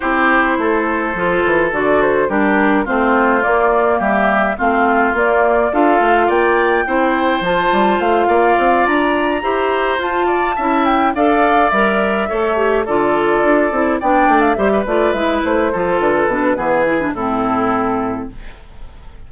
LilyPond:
<<
  \new Staff \with { instrumentName = "flute" } { \time 4/4 \tempo 4 = 105 c''2. d''8 c''8 | ais'4 c''4 d''4 e''4 | f''4 d''4 f''4 g''4~ | g''4 a''4 f''4. ais''8~ |
ais''4. a''4. g''8 f''8~ | f''8 e''2 d''4.~ | d''8 g''8. f''16 e''8 d''8 e''8 c''4 | b'2 a'2 | }
  \new Staff \with { instrumentName = "oboe" } { \time 4/4 g'4 a'2. | g'4 f'2 g'4 | f'2 a'4 d''4 | c''2~ c''8 d''4.~ |
d''8 c''4. d''8 e''4 d''8~ | d''4. cis''4 a'4.~ | a'8 d''4 c''16 b'4.~ b'16 a'8~ | a'4 gis'4 e'2 | }
  \new Staff \with { instrumentName = "clarinet" } { \time 4/4 e'2 f'4 fis'4 | d'4 c'4 ais2 | c'4 ais4 f'2 | e'4 f'2.~ |
f'8 g'4 f'4 e'4 a'8~ | a'8 ais'4 a'8 g'8 f'4. | e'8 d'4 g'8 f'8 e'4 f'8~ | f'8 d'8 b8 e'16 d'16 c'2 | }
  \new Staff \with { instrumentName = "bassoon" } { \time 4/4 c'4 a4 f8 e8 d4 | g4 a4 ais4 g4 | a4 ais4 d'8 a8 ais4 | c'4 f8 g8 a8 ais8 c'8 d'8~ |
d'8 e'4 f'4 cis'4 d'8~ | d'8 g4 a4 d4 d'8 | c'8 b8 a8 g8 a8 gis8 a8 f8 | d8 b,8 e4 a,2 | }
>>